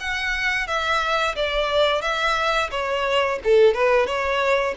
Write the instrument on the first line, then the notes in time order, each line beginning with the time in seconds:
violin
0.00 F#5
0.67 E5
1.36 D5
2.02 E5
2.71 C#5
3.44 A4
3.74 B4
4.07 C#5